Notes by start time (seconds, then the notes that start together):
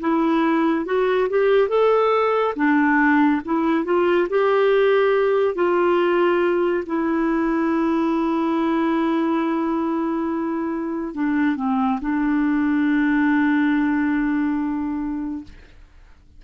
0.00 E4
0.85 F#4
1.29 G4
1.68 A4
2.56 D4
3.45 E4
3.85 F4
4.29 G4
5.55 F4
6.86 E4
11.14 D4
11.56 C4
12.01 D4